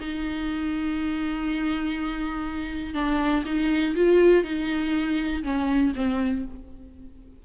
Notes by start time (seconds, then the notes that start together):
0.00 D#4
2.94 D4
3.45 D#4
3.96 F4
4.44 D#4
5.43 C#4
5.95 C4